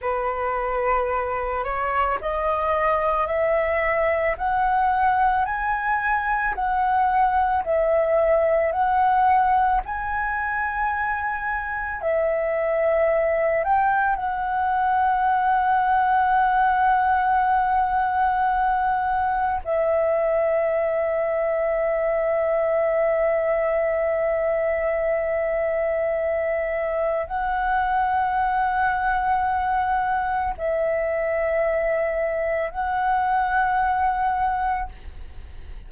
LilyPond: \new Staff \with { instrumentName = "flute" } { \time 4/4 \tempo 4 = 55 b'4. cis''8 dis''4 e''4 | fis''4 gis''4 fis''4 e''4 | fis''4 gis''2 e''4~ | e''8 g''8 fis''2.~ |
fis''2 e''2~ | e''1~ | e''4 fis''2. | e''2 fis''2 | }